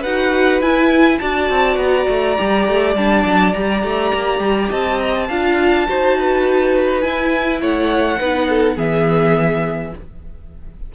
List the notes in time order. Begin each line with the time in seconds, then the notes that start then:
0.00 D#4 F#4 B4 F#5
0.61 E4 G#5
1.19 D4 F#4 D5 A5
1.50 C4
1.77 B3 A#5
2.09 A3
2.37 G3 G4
2.69 A3
2.96 G3 D4 A5
3.25 F#3
3.54 G3 G4 A#5
3.84 A3
4.14 A#3
4.39 G3
4.70 C4 D#5 A5
5.00 A#5
5.15 A5
5.28 D4 F4 F5
5.87 D#4 F#4 C5
6.18 B4
7.00 E4 G#5
7.62 A3 C#5 F#5
8.19 B3 D#4 B4
8.50 A4
8.76 E3 B3 G#4 E5